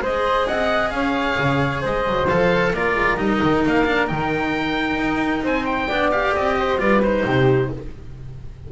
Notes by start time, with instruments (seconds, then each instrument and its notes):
0.00 double bass G#3, cello G#4, flute C5, oboe D#5
0.47 double bass C4, flute D#5, oboe F#5
0.90 double bass C#4, flute C#5, oboe F5
1.38 double bass C#3
1.82 double bass G#3, flute C5, oboe D#5
2.07 double bass F#3
2.27 double bass F3, cello A4, oboe F5
2.72 double bass A#3, cello F4, flute A#4, oboe D5
2.94 double bass G#3
3.17 double bass G3, cello D#4, oboe D#5
3.42 double bass D#3
3.66 double bass A#3, oboe F5
3.86 cello D4
4.07 double bass D#3, cello D#4, oboe G5
4.97 double bass D#4
5.43 double bass C4, flute C5, oboe G#5
5.65 oboe G5
5.88 double bass B3, cello D4, flute D5
6.11 cello G4, oboe F5
6.35 double bass C4, oboe D#5
6.59 flute C5
6.78 double bass G3, cello F4, flute B4, oboe D5
7.02 cello D#4, oboe C5
7.25 double bass C3, flute G4